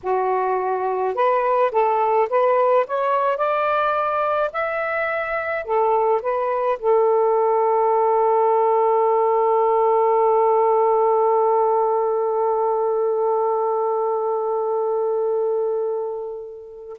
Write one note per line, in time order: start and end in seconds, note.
0.03 1.14 F#4
1.14 1.71 B4
1.71 2.28 A4
2.29 2.86 B4
2.87 3.37 C#5
3.37 4.50 D5
4.52 5.64 E5
5.64 6.21 A4
6.22 6.78 B4
6.79 16.98 A4